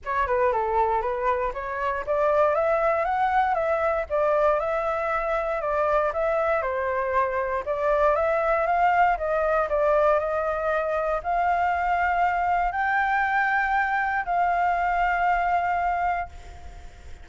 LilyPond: \new Staff \with { instrumentName = "flute" } { \time 4/4 \tempo 4 = 118 cis''8 b'8 a'4 b'4 cis''4 | d''4 e''4 fis''4 e''4 | d''4 e''2 d''4 | e''4 c''2 d''4 |
e''4 f''4 dis''4 d''4 | dis''2 f''2~ | f''4 g''2. | f''1 | }